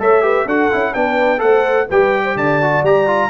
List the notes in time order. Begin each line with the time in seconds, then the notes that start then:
0.00 A3 A4 C#5 E5
0.22 G4 B4
0.46 D4 F#4 A4 F#5
0.72 C#4 E4
0.94 B3 D4 B4 G5
1.39 A3 A4 C5 F#5
1.88 G3 G4 B4 G5
2.24 C5
2.36 D3 D5 A5
2.62 F#4
2.83 G3 G4 A#5
3.07 F4